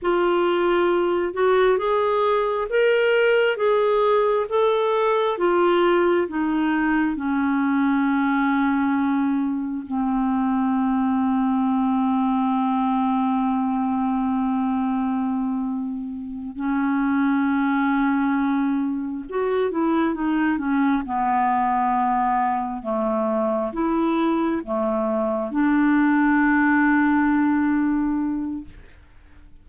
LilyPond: \new Staff \with { instrumentName = "clarinet" } { \time 4/4 \tempo 4 = 67 f'4. fis'8 gis'4 ais'4 | gis'4 a'4 f'4 dis'4 | cis'2. c'4~ | c'1~ |
c'2~ c'8 cis'4.~ | cis'4. fis'8 e'8 dis'8 cis'8 b8~ | b4. a4 e'4 a8~ | a8 d'2.~ d'8 | }